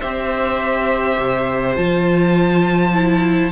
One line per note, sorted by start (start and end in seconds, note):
0.00 1.19 C4
0.00 1.75 G4
0.00 3.51 C5
0.00 1.76 E5
1.19 1.77 C3
1.75 3.51 F3
1.75 2.93 F4
1.75 3.51 A5
2.93 3.51 E4